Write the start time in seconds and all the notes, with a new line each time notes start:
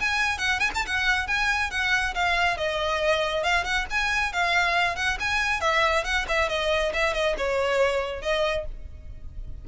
0.00 G#5
0.38 F#5
0.59 G#5
0.75 A5
0.86 F#5
1.27 G#5
1.71 F#5
2.14 F5
2.57 D#5
3.43 F5
3.64 F#5
3.90 G#5
4.32 F5
4.96 F#5
5.19 G#5
5.60 E5
6.04 F#5
6.28 E5
6.49 D#5
6.93 E5
7.14 D#5
7.37 C#5
8.21 D#5